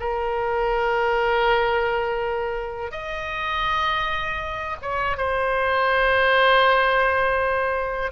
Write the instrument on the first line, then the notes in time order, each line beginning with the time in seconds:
oboe
0.00 A#4
2.92 D#5
4.82 C#5
5.17 C5